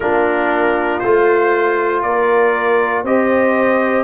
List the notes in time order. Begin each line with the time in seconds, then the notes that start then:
0.00 A#3 D4 F4 A#4
0.99 A3 F4 C5
2.02 A#3 A#4 D5
3.03 C4 G4 C5 D#5